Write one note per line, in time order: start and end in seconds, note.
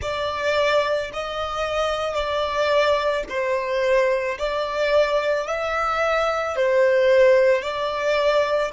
0.01 1.11 D5
1.13 2.14 D#5
2.14 3.23 D5
3.29 4.38 C5
4.38 5.47 D5
5.47 6.56 E5
6.56 7.62 C5
7.62 8.71 D5